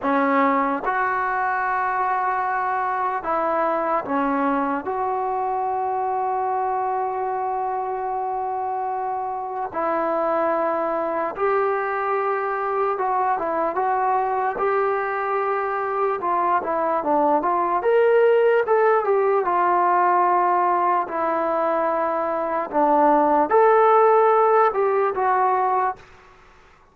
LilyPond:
\new Staff \with { instrumentName = "trombone" } { \time 4/4 \tempo 4 = 74 cis'4 fis'2. | e'4 cis'4 fis'2~ | fis'1 | e'2 g'2 |
fis'8 e'8 fis'4 g'2 | f'8 e'8 d'8 f'8 ais'4 a'8 g'8 | f'2 e'2 | d'4 a'4. g'8 fis'4 | }